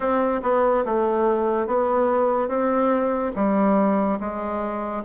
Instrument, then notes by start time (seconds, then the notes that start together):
bassoon
0.00 C4
0.42 B3
0.85 A3
1.66 B3
2.48 C4
3.35 G3
4.19 G#3